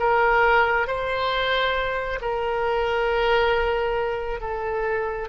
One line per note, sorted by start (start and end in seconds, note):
0.00 0.87 A#4
0.87 2.20 C5
2.21 4.40 A#4
4.40 5.29 A4